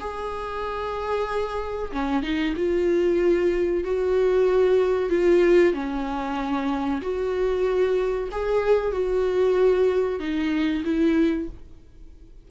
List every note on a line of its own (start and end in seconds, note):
0.00 1.91 G#4
1.92 2.23 C#4
2.23 2.54 D#4
2.56 3.84 F4
3.84 5.10 F#4
5.10 5.74 F4
5.74 7.01 C#4
7.02 8.29 F#4
8.32 8.92 G#4
8.92 10.20 F#4
10.20 10.83 D#4
10.85 11.48 E4